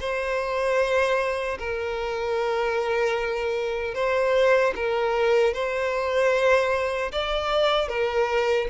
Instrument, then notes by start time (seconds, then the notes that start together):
violin
0.00 C5
1.59 A#4
3.94 C5
4.75 A#4
5.53 C5
7.12 D5
7.88 A#4